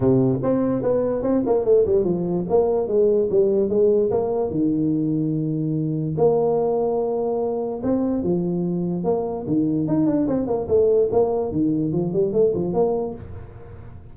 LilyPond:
\new Staff \with { instrumentName = "tuba" } { \time 4/4 \tempo 4 = 146 c4 c'4 b4 c'8 ais8 | a8 g8 f4 ais4 gis4 | g4 gis4 ais4 dis4~ | dis2. ais4~ |
ais2. c'4 | f2 ais4 dis4 | dis'8 d'8 c'8 ais8 a4 ais4 | dis4 f8 g8 a8 f8 ais4 | }